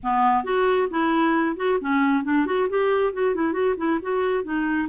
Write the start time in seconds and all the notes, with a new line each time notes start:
0.03 B3
0.44 F#4
0.90 E4
1.56 F#4
1.80 C#4
2.23 D4
2.46 F#4
2.69 G4
3.13 F#4
3.34 E4
3.52 F#4
3.77 E4
4.02 F#4
4.43 D#4